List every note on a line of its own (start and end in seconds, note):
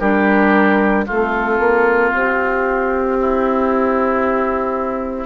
0.00 1.06 G3
0.00 1.07 D4
0.00 1.05 G4
0.00 1.05 A#4
1.07 1.59 A3
1.07 5.26 C4
1.07 3.17 F4
1.07 2.13 A4
1.59 2.12 A#3
2.13 5.26 C4
2.13 5.26 G4
3.21 5.26 E4